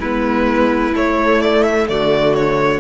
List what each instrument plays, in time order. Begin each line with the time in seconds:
0.00 cello G#3, viola B3, violin E4 B4
0.95 viola A3, cello A3, violin C#5
1.42 violin D5
1.63 violin E5
1.89 cello D3, violin F#4 D5
2.34 violin C#5